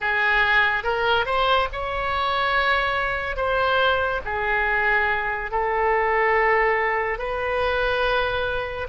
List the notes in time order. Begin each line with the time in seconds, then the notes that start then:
0.00 G#4
0.83 A#4
1.25 C5
1.72 C#5
3.36 C5
4.24 G#4
5.51 A4
7.18 B4